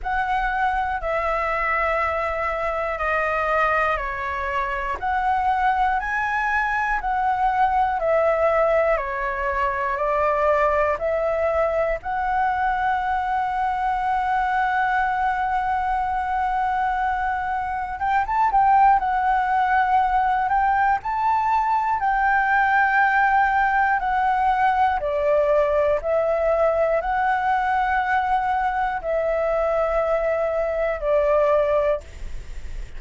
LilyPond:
\new Staff \with { instrumentName = "flute" } { \time 4/4 \tempo 4 = 60 fis''4 e''2 dis''4 | cis''4 fis''4 gis''4 fis''4 | e''4 cis''4 d''4 e''4 | fis''1~ |
fis''2 g''16 a''16 g''8 fis''4~ | fis''8 g''8 a''4 g''2 | fis''4 d''4 e''4 fis''4~ | fis''4 e''2 d''4 | }